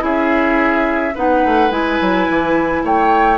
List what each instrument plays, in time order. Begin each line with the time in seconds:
0.00 bassoon C#4, clarinet E4, oboe G#4, flute E5
1.15 bassoon B3, clarinet D#4, oboe B4, flute F#5
1.45 bassoon A3
1.71 bassoon G#3, clarinet E4, flute G#5
2.01 bassoon F#3
2.30 bassoon E3
2.84 bassoon A3, oboe C#5, flute G5